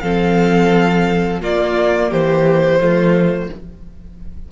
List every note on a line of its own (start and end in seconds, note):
0.00 1.42 F3
0.00 1.41 C4
0.00 1.42 A4
0.00 1.40 F5
1.41 2.79 A#3
1.41 2.12 A#3
1.41 2.10 F4
1.41 2.12 D5
2.10 2.80 E3
2.10 2.80 G4
2.10 3.52 C5
2.79 3.50 F3
2.79 3.49 A3
2.79 3.50 F4